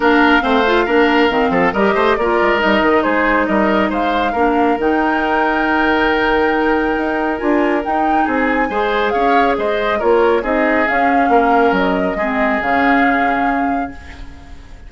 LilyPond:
<<
  \new Staff \with { instrumentName = "flute" } { \time 4/4 \tempo 4 = 138 f''1 | dis''4 d''4 dis''4 c''4 | dis''4 f''2 g''4~ | g''1~ |
g''4 gis''4 g''4 gis''4~ | gis''4 f''4 dis''4 cis''4 | dis''4 f''2 dis''4~ | dis''4 f''2. | }
  \new Staff \with { instrumentName = "oboe" } { \time 4/4 ais'4 c''4 ais'4. a'8 | ais'8 c''8 ais'2 gis'4 | ais'4 c''4 ais'2~ | ais'1~ |
ais'2. gis'4 | c''4 cis''4 c''4 ais'4 | gis'2 ais'2 | gis'1 | }
  \new Staff \with { instrumentName = "clarinet" } { \time 4/4 d'4 c'8 f'8 d'4 c'4 | g'4 f'4 dis'2~ | dis'2 d'4 dis'4~ | dis'1~ |
dis'4 f'4 dis'2 | gis'2. f'4 | dis'4 cis'2. | c'4 cis'2. | }
  \new Staff \with { instrumentName = "bassoon" } { \time 4/4 ais4 a4 ais4 dis8 f8 | g8 a8 ais8 gis8 g8 dis8 gis4 | g4 gis4 ais4 dis4~ | dis1 |
dis'4 d'4 dis'4 c'4 | gis4 cis'4 gis4 ais4 | c'4 cis'4 ais4 fis4 | gis4 cis2. | }
>>